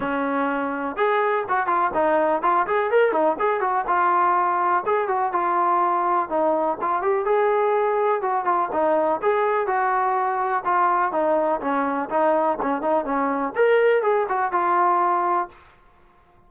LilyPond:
\new Staff \with { instrumentName = "trombone" } { \time 4/4 \tempo 4 = 124 cis'2 gis'4 fis'8 f'8 | dis'4 f'8 gis'8 ais'8 dis'8 gis'8 fis'8 | f'2 gis'8 fis'8 f'4~ | f'4 dis'4 f'8 g'8 gis'4~ |
gis'4 fis'8 f'8 dis'4 gis'4 | fis'2 f'4 dis'4 | cis'4 dis'4 cis'8 dis'8 cis'4 | ais'4 gis'8 fis'8 f'2 | }